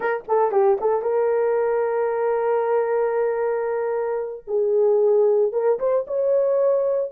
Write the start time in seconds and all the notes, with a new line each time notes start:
0.00 A#4
0.28 A4
0.51 G4
0.80 A4
1.02 A#4
4.47 G#4
5.52 A#4
5.79 C5
6.07 C#5